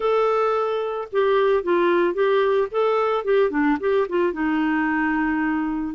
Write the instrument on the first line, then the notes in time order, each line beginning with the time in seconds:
clarinet
0.00 A4
1.12 G4
1.63 F4
2.14 G4
2.71 A4
3.24 G4
3.50 D4
3.80 G4
4.08 F4
4.32 D#4